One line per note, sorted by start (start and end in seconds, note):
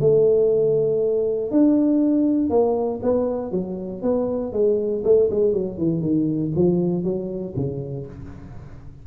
0.00 1.51 A3
1.51 2.50 D4
2.50 3.00 A#3
3.02 3.51 B3
3.51 4.02 F#3
4.02 4.52 B3
4.52 5.03 G#3
5.04 5.29 A3
5.30 5.53 G#3
5.53 5.77 F#3
5.77 6.01 E3
6.01 6.51 D#3
6.55 7.03 F3
7.03 7.54 F#3
7.56 8.06 C#3